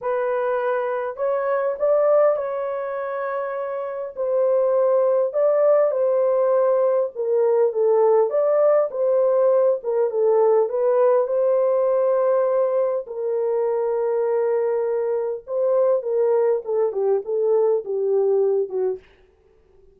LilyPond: \new Staff \with { instrumentName = "horn" } { \time 4/4 \tempo 4 = 101 b'2 cis''4 d''4 | cis''2. c''4~ | c''4 d''4 c''2 | ais'4 a'4 d''4 c''4~ |
c''8 ais'8 a'4 b'4 c''4~ | c''2 ais'2~ | ais'2 c''4 ais'4 | a'8 g'8 a'4 g'4. fis'8 | }